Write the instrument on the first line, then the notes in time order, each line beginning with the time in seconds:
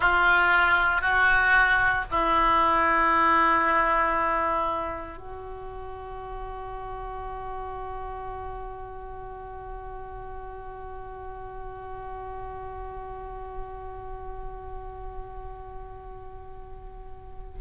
oboe
0.00 F4
1.01 F#4
2.10 E4
5.17 F#4